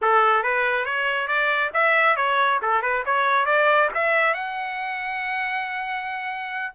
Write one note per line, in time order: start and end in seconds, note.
0.01 0.43 A4
0.43 0.85 B4
0.85 1.27 C#5
1.27 1.71 D5
1.73 2.16 E5
2.16 2.59 C#5
2.62 2.81 A4
2.81 3.03 B4
3.05 3.45 C#5
3.45 3.89 D5
3.94 4.34 E5
4.34 6.73 F#5